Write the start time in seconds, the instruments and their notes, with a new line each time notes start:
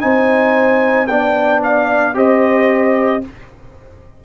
0.00 tuba C4, trombone D#4, horn C5, trumpet G#5
1.06 tuba B3, trombone D4, horn D5, trumpet G5
1.63 trumpet F5
2.14 tuba C4, trombone G4, horn C5, trumpet D#5